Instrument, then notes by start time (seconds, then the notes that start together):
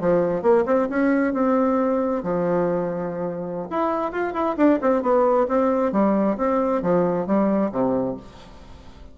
bassoon
0.00 F3
0.42 A#3
0.66 C4
0.89 C#4
1.33 C4
2.23 F3
3.70 E4
4.12 F4
4.33 E4
4.57 D4
4.81 C4
5.02 B3
5.48 C4
5.92 G3
6.37 C4
6.82 F3
7.26 G3
7.72 C3